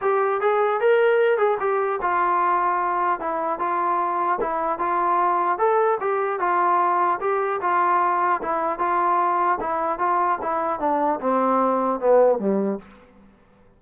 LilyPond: \new Staff \with { instrumentName = "trombone" } { \time 4/4 \tempo 4 = 150 g'4 gis'4 ais'4. gis'8 | g'4 f'2. | e'4 f'2 e'4 | f'2 a'4 g'4 |
f'2 g'4 f'4~ | f'4 e'4 f'2 | e'4 f'4 e'4 d'4 | c'2 b4 g4 | }